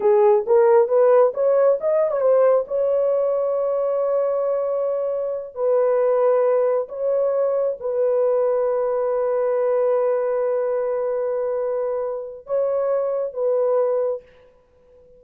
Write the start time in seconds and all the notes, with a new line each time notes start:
0.00 G#4
0.46 A#4
0.88 B4
1.34 C#5
1.80 D#5
2.11 C#5
2.20 C5
2.67 C#5
5.54 B4
6.88 C#5
7.79 B4
12.46 C#5
13.33 B4